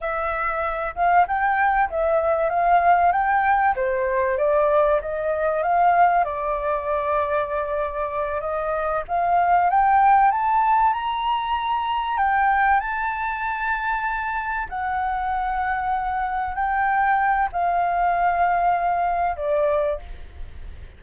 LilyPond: \new Staff \with { instrumentName = "flute" } { \time 4/4 \tempo 4 = 96 e''4. f''8 g''4 e''4 | f''4 g''4 c''4 d''4 | dis''4 f''4 d''2~ | d''4. dis''4 f''4 g''8~ |
g''8 a''4 ais''2 g''8~ | g''8 a''2. fis''8~ | fis''2~ fis''8 g''4. | f''2. d''4 | }